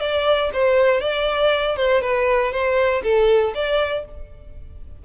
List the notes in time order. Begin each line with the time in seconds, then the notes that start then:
0.00 D5
0.53 C5
1.01 D5
1.76 C5
2.01 B4
2.52 C5
3.03 A4
3.55 D5